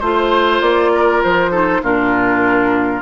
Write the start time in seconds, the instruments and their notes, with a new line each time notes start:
0.00 bassoon A3, clarinet F4, flute C5, oboe C5
0.61 bassoon A#3, flute D5
0.94 oboe A#4
1.23 bassoon F3, flute C5
1.51 clarinet D#4, oboe A4
1.82 bassoon A#2, clarinet D4, oboe F4, flute A#4